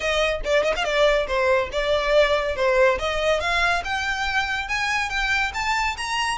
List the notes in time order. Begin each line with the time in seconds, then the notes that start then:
0.00 D#5
0.44 D5
0.63 D#5
0.75 F5
0.84 D5
1.27 C5
1.72 D5
2.56 C5
2.99 D#5
3.40 F5
3.84 G5
4.68 G#5
5.09 G5
5.53 A5
5.97 A#5